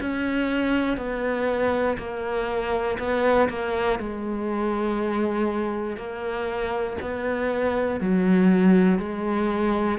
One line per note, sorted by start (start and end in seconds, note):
0.00 0.97 C#4
0.97 1.97 B3
1.98 2.98 A#3
2.98 3.48 B3
3.49 3.99 A#3
3.99 5.97 G#3
5.97 6.97 A#3
7.01 8.00 B3
8.00 8.99 F#3
8.99 9.98 G#3